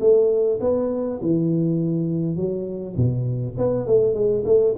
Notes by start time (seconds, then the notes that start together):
0.00 A3
0.61 B3
1.22 E3
2.36 F#3
2.97 B2
3.58 B3
3.87 A3
4.14 G#3
4.45 A3